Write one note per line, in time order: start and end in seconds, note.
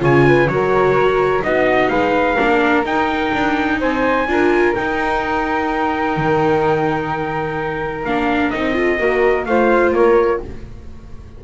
0.00 0.48 C#3
0.00 0.47 F4
0.00 0.26 C#5
0.00 0.48 G#5
0.28 0.51 B4
0.48 1.43 F#3
0.48 1.43 F#4
0.48 1.43 A#4
0.48 1.43 C#5
1.43 1.91 B3
1.43 2.37 D#4
1.43 1.90 F#4
1.43 1.90 D#5
1.90 2.38 G#3
1.90 2.36 B4
1.90 2.84 F5
2.36 2.85 A#3
2.36 2.85 D4
2.36 3.77 A#4
2.85 3.32 D#4
2.85 4.28 D#4
2.85 3.81 G5
3.34 3.81 D4
3.81 4.27 C4
3.81 4.28 C5
3.81 4.75 G#5
4.27 4.75 D4
4.27 4.76 F4
4.27 8.76 A#4
4.75 8.07 D#4
4.75 6.17 D#4
4.75 8.05 G5
6.17 8.06 D#3
8.05 8.53 A#3
8.05 8.53 D4
8.05 8.51 F5
8.51 9.00 C4
8.51 8.75 D#4
8.51 9.46 D#5
8.75 8.99 F4
8.75 9.00 A4
8.99 9.46 A#3
8.99 9.46 F#4
8.99 9.48 A#4
9.46 9.92 A3
9.46 10.45 F4
9.46 9.96 C5
9.46 9.93 F5
9.92 10.39 A#3
9.92 10.43 A#4
9.92 10.42 C#5